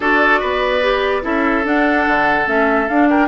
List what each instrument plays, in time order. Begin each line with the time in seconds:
0.00 bassoon D4, clarinet F#4, oboe A4, flute D5
0.40 bassoon B3, oboe B4
0.82 clarinet G4
1.22 bassoon C#4, clarinet E4, oboe A4, flute E5
1.64 clarinet D4, bassoon D4, flute F#5
2.07 bassoon D3
2.46 bassoon A3, clarinet C#4, flute E5
2.88 bassoon D4, clarinet D4, flute F5
3.09 oboe A#4, flute G5